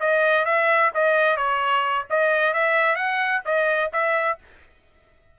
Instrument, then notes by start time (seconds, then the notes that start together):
trumpet
0.00 D#5
0.46 E5
0.95 D#5
1.37 C#5
2.10 D#5
2.54 E5
2.96 F#5
3.45 D#5
3.93 E5